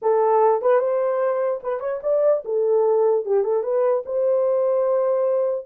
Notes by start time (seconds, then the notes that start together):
0.01 A4
0.61 B4
0.79 C5
1.63 B4
1.80 C#5
2.03 D5
2.45 A4
3.25 G4
3.43 A4
3.63 B4
4.05 C5